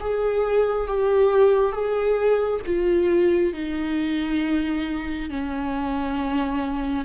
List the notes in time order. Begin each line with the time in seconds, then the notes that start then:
0.00 G#4
0.87 G4
1.72 G#4
2.66 F4
3.53 D#4
5.29 C#4